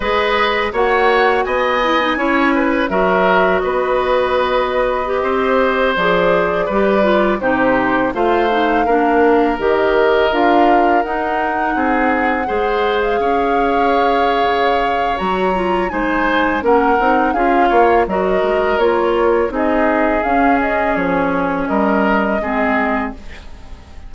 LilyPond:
<<
  \new Staff \with { instrumentName = "flute" } { \time 4/4 \tempo 4 = 83 dis''4 fis''4 gis''2 | e''4 dis''2.~ | dis''16 d''2 c''4 f''8.~ | f''4~ f''16 dis''4 f''4 fis''8.~ |
fis''2 f''2~ | f''4 ais''4 gis''4 fis''4 | f''4 dis''4 cis''4 dis''4 | f''8 dis''8 cis''4 dis''2 | }
  \new Staff \with { instrumentName = "oboe" } { \time 4/4 b'4 cis''4 dis''4 cis''8 b'8 | ais'4 b'2~ b'16 c''8.~ | c''4~ c''16 b'4 g'4 c''8.~ | c''16 ais'2.~ ais'8.~ |
ais'16 gis'4 c''4 cis''4.~ cis''16~ | cis''2 c''4 ais'4 | gis'8 cis''8 ais'2 gis'4~ | gis'2 ais'4 gis'4 | }
  \new Staff \with { instrumentName = "clarinet" } { \time 4/4 gis'4 fis'4. e'16 dis'16 e'4 | fis'2. g'4~ | g'16 gis'4 g'8 f'8 dis'4 f'8 dis'16~ | dis'16 d'4 g'4 f'4 dis'8.~ |
dis'4~ dis'16 gis'2~ gis'8.~ | gis'4 fis'8 f'8 dis'4 cis'8 dis'8 | f'4 fis'4 f'4 dis'4 | cis'2. c'4 | }
  \new Staff \with { instrumentName = "bassoon" } { \time 4/4 gis4 ais4 b4 cis'4 | fis4 b2~ b16 c'8.~ | c'16 f4 g4 c4 a8.~ | a16 ais4 dis4 d'4 dis'8.~ |
dis'16 c'4 gis4 cis'4.~ cis'16 | cis4 fis4 gis4 ais8 c'8 | cis'8 ais8 fis8 gis8 ais4 c'4 | cis'4 f4 g4 gis4 | }
>>